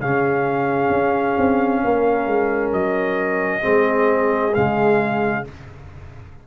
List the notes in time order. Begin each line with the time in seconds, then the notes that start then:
0.00 C#3 C#4 G#4 F5
0.89 C#4
1.37 C4
1.83 A#3 A#4
2.26 G#3
2.72 F#3 D#5
3.61 G#3 C4 G#4
4.54 C#3 G#3 F5